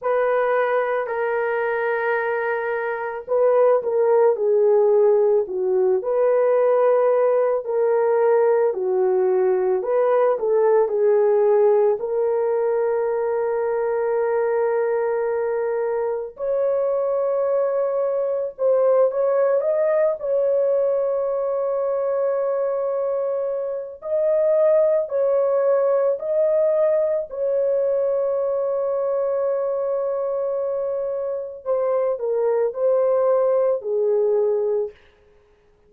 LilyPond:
\new Staff \with { instrumentName = "horn" } { \time 4/4 \tempo 4 = 55 b'4 ais'2 b'8 ais'8 | gis'4 fis'8 b'4. ais'4 | fis'4 b'8 a'8 gis'4 ais'4~ | ais'2. cis''4~ |
cis''4 c''8 cis''8 dis''8 cis''4.~ | cis''2 dis''4 cis''4 | dis''4 cis''2.~ | cis''4 c''8 ais'8 c''4 gis'4 | }